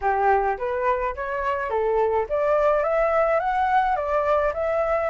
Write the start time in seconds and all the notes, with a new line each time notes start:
0.01 G4
0.58 B4
1.15 C#5
1.70 A4
2.29 D5
2.83 E5
3.39 F#5
3.96 D5
4.53 E5